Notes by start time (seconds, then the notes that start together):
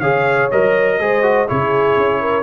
0.00 C#3 G#4 C#5 F5
0.51 F#3 A#4 D#5
0.99 G#3 G#4 C5
1.22 F#4
1.47 C#3 E4 G#4 C#5
1.96 C#4
2.21 A#4